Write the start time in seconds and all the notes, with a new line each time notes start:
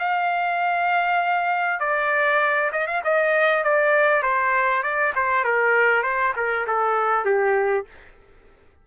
0.00 F5
1.80 D5
2.73 D#5
2.88 F5
3.05 D#5
3.64 D5
4.23 C5
4.83 D5
5.16 C5
5.45 A#4
6.04 C5
6.37 A#4
6.68 A4
7.25 G4